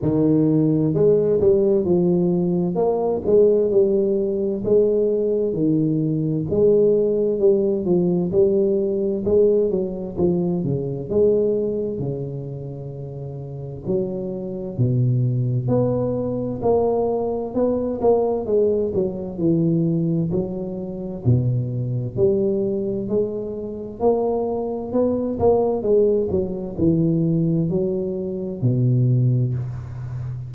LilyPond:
\new Staff \with { instrumentName = "tuba" } { \time 4/4 \tempo 4 = 65 dis4 gis8 g8 f4 ais8 gis8 | g4 gis4 dis4 gis4 | g8 f8 g4 gis8 fis8 f8 cis8 | gis4 cis2 fis4 |
b,4 b4 ais4 b8 ais8 | gis8 fis8 e4 fis4 b,4 | g4 gis4 ais4 b8 ais8 | gis8 fis8 e4 fis4 b,4 | }